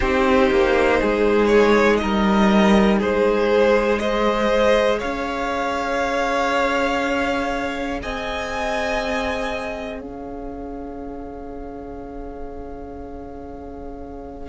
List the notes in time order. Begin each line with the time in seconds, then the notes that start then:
0.00 C4 D#4 G4 C5
0.50 A#3
1.00 G#3 G#4
1.46 C#5
1.96 G3 A#4 D#5
2.99 G#3 G#4 C5
3.99 G#4 C5 D#5
4.99 C#4 C#5 F5
8.02 C4 D#5 G#5
9.99 C#4 C#5 F5